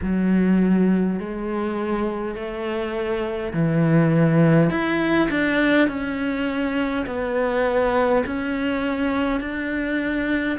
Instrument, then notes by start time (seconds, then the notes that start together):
cello
0.02 F#3
1.19 G#3
2.35 A3
3.53 E3
4.70 E4
5.29 D4
5.88 C#4
7.06 B3
8.26 C#4
9.40 D4